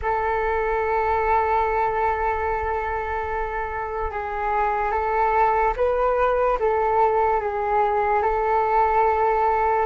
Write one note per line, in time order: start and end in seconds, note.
0.02 4.10 A4
4.10 4.91 G#4
4.91 5.73 A4
5.76 6.58 B4
6.59 7.40 A4
7.40 8.22 G#4
8.22 9.86 A4